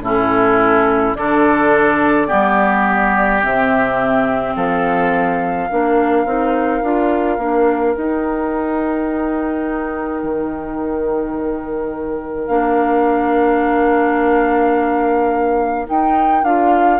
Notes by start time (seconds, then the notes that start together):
0.00 A2 C#4 E4 A4
1.15 D3 D4 A4 D5
2.27 G3 B3 G4
3.42 C3 C4 E5
4.56 F3 A4 F5
5.69 A#3 D4 A#4
6.25 C4 D#4
6.82 D4 F4
7.38 A#3 D4
7.95 D#4 G5
10.23 D#3
12.46 A#3 D4 F5
15.86 D#4 G5
16.43 D4 F4 F5